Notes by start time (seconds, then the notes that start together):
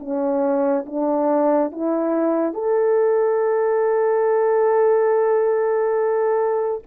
0.00 C#4
0.86 D4
1.72 E4
2.54 A4